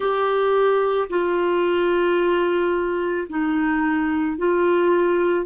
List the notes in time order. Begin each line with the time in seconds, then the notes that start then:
0.00 G4
1.09 F4
3.29 D#4
4.37 F4